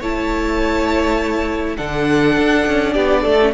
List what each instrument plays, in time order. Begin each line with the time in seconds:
0.00 cello A3, viola E4, violin C#5 A5
1.77 cello D3, viola D4, violin A4 F#5
2.38 cello D4
2.67 cello C#4
2.94 cello B3, violin G4 D5
3.22 cello A3, violin A4
3.42 viola C#4